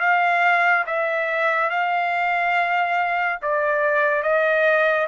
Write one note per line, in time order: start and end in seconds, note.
0.00 0.85 F5
0.86 1.70 E5
1.70 3.39 F5
3.42 4.23 D5
4.23 5.07 D#5